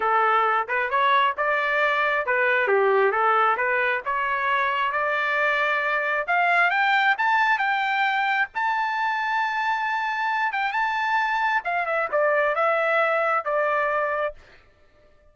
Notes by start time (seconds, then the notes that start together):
0.00 A4
0.67 B4
0.90 C#5
1.37 D5
2.26 B4
2.67 G4
3.11 A4
3.56 B4
4.05 C#5
4.91 D5
6.27 F5
6.70 G5
7.18 A5
7.58 G5
8.55 A5
10.52 G5
10.72 A5
11.64 F5
11.86 E5
12.11 D5
12.55 E5
13.45 D5